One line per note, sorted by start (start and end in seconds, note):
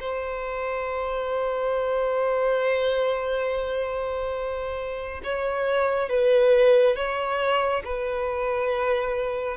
0.00 5.22 C5
5.24 6.09 C#5
6.09 6.96 B4
6.96 7.83 C#5
7.85 9.57 B4